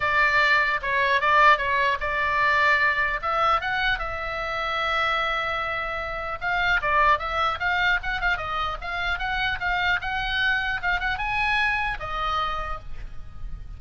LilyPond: \new Staff \with { instrumentName = "oboe" } { \time 4/4 \tempo 4 = 150 d''2 cis''4 d''4 | cis''4 d''2. | e''4 fis''4 e''2~ | e''1 |
f''4 d''4 e''4 f''4 | fis''8 f''8 dis''4 f''4 fis''4 | f''4 fis''2 f''8 fis''8 | gis''2 dis''2 | }